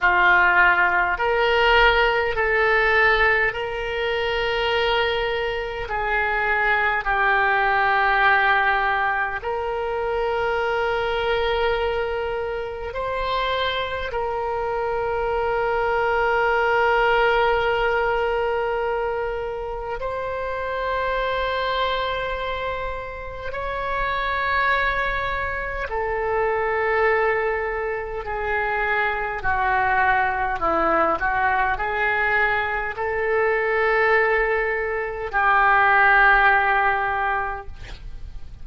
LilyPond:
\new Staff \with { instrumentName = "oboe" } { \time 4/4 \tempo 4 = 51 f'4 ais'4 a'4 ais'4~ | ais'4 gis'4 g'2 | ais'2. c''4 | ais'1~ |
ais'4 c''2. | cis''2 a'2 | gis'4 fis'4 e'8 fis'8 gis'4 | a'2 g'2 | }